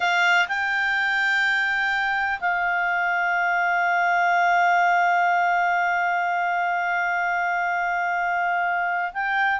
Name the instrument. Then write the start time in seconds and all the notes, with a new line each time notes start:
clarinet
0.00 F5
0.48 G5
2.40 F5
9.13 G5